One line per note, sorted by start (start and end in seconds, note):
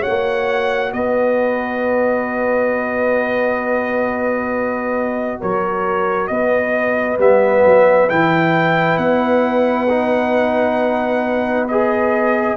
0.00 7.16 F#4
0.00 0.90 C#5
0.00 0.92 F#5
0.07 0.92 A#3
0.92 5.40 B3
0.92 5.40 B4
0.92 5.40 D#5
5.40 6.29 F#3
5.40 6.29 A#4
5.40 6.27 C#5
6.27 7.18 B3
6.27 12.57 B4
6.27 7.17 D#5
7.18 7.63 G3
7.18 8.08 B3
7.18 8.09 E5
7.64 8.09 F#3
8.09 8.97 E3
8.09 9.88 E4
8.09 8.97 G5
8.97 12.55 B3
8.97 11.66 F#5
9.89 11.68 D#4
11.68 12.57 G#4
11.68 12.57 D#5